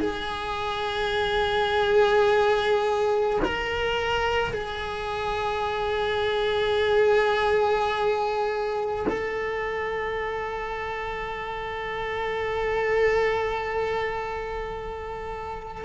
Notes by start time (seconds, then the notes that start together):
0.00 G#4
3.44 A#4
4.53 G#4
9.09 A4